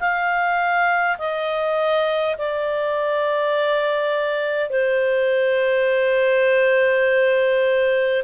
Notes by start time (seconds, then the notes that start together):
0.00 F5
1.18 D#5
2.39 D5
4.71 C5